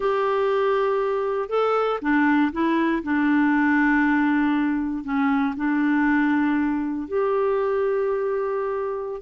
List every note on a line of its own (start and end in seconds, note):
0.00 1.49 G4
1.49 1.99 A4
2.01 2.52 D4
2.52 3.02 E4
3.03 5.04 D4
5.04 5.54 C#4
5.56 7.07 D4
7.08 9.21 G4